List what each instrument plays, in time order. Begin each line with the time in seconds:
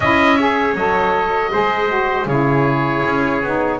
0.00 double bass C#4, saxophone E4, trumpet D#5, oboe E5
0.37 saxophone G#4, trumpet C#5
0.74 double bass F#3, saxophone A4, oboe D#5
1.50 double bass G#3, saxophone G#4, trumpet C5
1.87 saxophone F#4
2.25 double bass C#3, saxophone E4, trumpet G#4, oboe C#5
3.05 double bass C#4
3.42 double bass B3, saxophone D#4